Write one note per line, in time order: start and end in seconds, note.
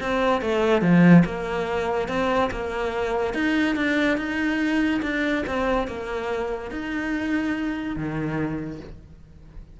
0.00 0.41 C4
0.41 0.81 A3
0.81 1.23 F3
1.25 2.08 A#3
2.08 2.50 C4
2.51 3.34 A#3
3.34 3.76 D#4
3.76 4.17 D4
4.17 5.01 D#4
5.02 5.44 D4
5.46 5.87 C4
5.87 6.71 A#3
6.71 7.96 D#4
7.96 8.80 D#3